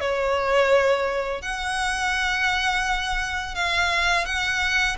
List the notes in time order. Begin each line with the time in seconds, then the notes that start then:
0.00 C#5
1.42 F#5
3.55 F5
4.25 F#5